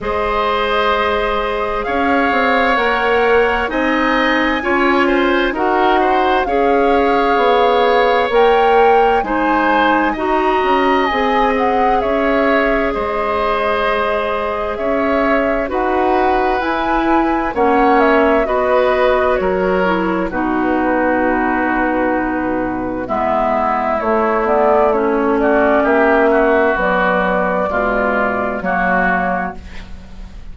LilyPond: <<
  \new Staff \with { instrumentName = "flute" } { \time 4/4 \tempo 4 = 65 dis''2 f''4 fis''4 | gis''2 fis''4 f''4~ | f''4 g''4 gis''4 ais''4 | gis''8 fis''8 e''4 dis''2 |
e''4 fis''4 gis''4 fis''8 e''8 | dis''4 cis''4 b'2~ | b'4 e''4 cis''8 d''8 cis''8 d''8 | e''4 d''2 cis''4 | }
  \new Staff \with { instrumentName = "oboe" } { \time 4/4 c''2 cis''2 | dis''4 cis''8 c''8 ais'8 c''8 cis''4~ | cis''2 c''4 dis''4~ | dis''4 cis''4 c''2 |
cis''4 b'2 cis''4 | b'4 ais'4 fis'2~ | fis'4 e'2~ e'8 fis'8 | g'8 fis'4. f'4 fis'4 | }
  \new Staff \with { instrumentName = "clarinet" } { \time 4/4 gis'2. ais'4 | dis'4 f'4 fis'4 gis'4~ | gis'4 ais'4 dis'4 fis'4 | gis'1~ |
gis'4 fis'4 e'4 cis'4 | fis'4. e'8 dis'2~ | dis'4 b4 a8 b8 cis'4~ | cis'4 fis4 gis4 ais4 | }
  \new Staff \with { instrumentName = "bassoon" } { \time 4/4 gis2 cis'8 c'8 ais4 | c'4 cis'4 dis'4 cis'4 | b4 ais4 gis4 dis'8 cis'8 | c'4 cis'4 gis2 |
cis'4 dis'4 e'4 ais4 | b4 fis4 b,2~ | b,4 gis4 a2 | ais4 b4 b,4 fis4 | }
>>